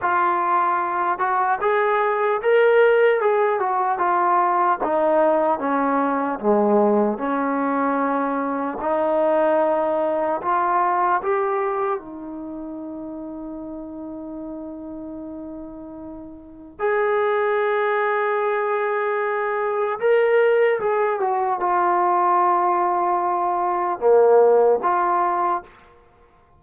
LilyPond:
\new Staff \with { instrumentName = "trombone" } { \time 4/4 \tempo 4 = 75 f'4. fis'8 gis'4 ais'4 | gis'8 fis'8 f'4 dis'4 cis'4 | gis4 cis'2 dis'4~ | dis'4 f'4 g'4 dis'4~ |
dis'1~ | dis'4 gis'2.~ | gis'4 ais'4 gis'8 fis'8 f'4~ | f'2 ais4 f'4 | }